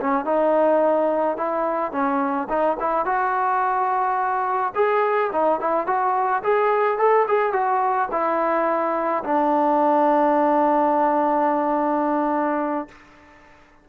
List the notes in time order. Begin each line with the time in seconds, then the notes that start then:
0.00 C#4
0.25 D#4
1.37 E4
1.91 C#4
2.49 D#4
2.79 E4
3.05 F#4
4.75 G#4
5.32 D#4
5.60 E4
5.86 F#4
6.43 G#4
6.98 A4
7.27 G#4
7.52 F#4
8.11 E4
9.23 D4